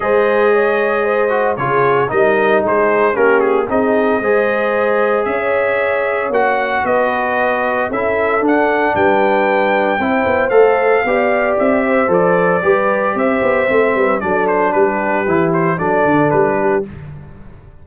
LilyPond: <<
  \new Staff \with { instrumentName = "trumpet" } { \time 4/4 \tempo 4 = 114 dis''2. cis''4 | dis''4 c''4 ais'8 gis'8 dis''4~ | dis''2 e''2 | fis''4 dis''2 e''4 |
fis''4 g''2. | f''2 e''4 d''4~ | d''4 e''2 d''8 c''8 | b'4. c''8 d''4 b'4 | }
  \new Staff \with { instrumentName = "horn" } { \time 4/4 c''4 cis''4 c''4 gis'4 | ais'4 gis'4 g'4 gis'4 | c''2 cis''2~ | cis''4 b'2 a'4~ |
a'4 b'2 c''4~ | c''4 d''4. c''4. | b'4 c''4. b'8 a'4 | g'2 a'4. g'8 | }
  \new Staff \with { instrumentName = "trombone" } { \time 4/4 gis'2~ gis'8 fis'8 f'4 | dis'2 cis'4 dis'4 | gis'1 | fis'2. e'4 |
d'2. e'4 | a'4 g'2 a'4 | g'2 c'4 d'4~ | d'4 e'4 d'2 | }
  \new Staff \with { instrumentName = "tuba" } { \time 4/4 gis2. cis4 | g4 gis4 ais4 c'4 | gis2 cis'2 | ais4 b2 cis'4 |
d'4 g2 c'8 b8 | a4 b4 c'4 f4 | g4 c'8 b8 a8 g8 fis4 | g4 e4 fis8 d8 g4 | }
>>